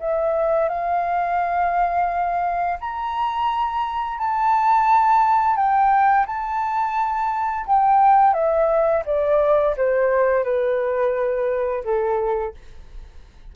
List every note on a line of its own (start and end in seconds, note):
0.00 0.69 E5
0.69 2.79 F5
2.81 4.18 A#5
4.18 5.57 A5
5.57 6.27 G5
6.27 7.66 A5
7.67 8.34 G5
8.34 9.04 E5
9.06 9.76 D5
9.77 10.45 C5
10.45 11.84 B4
11.85 12.55 A4